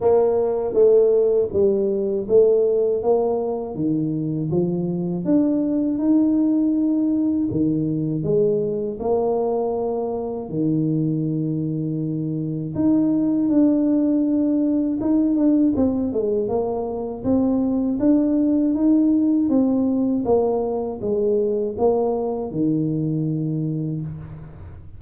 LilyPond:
\new Staff \with { instrumentName = "tuba" } { \time 4/4 \tempo 4 = 80 ais4 a4 g4 a4 | ais4 dis4 f4 d'4 | dis'2 dis4 gis4 | ais2 dis2~ |
dis4 dis'4 d'2 | dis'8 d'8 c'8 gis8 ais4 c'4 | d'4 dis'4 c'4 ais4 | gis4 ais4 dis2 | }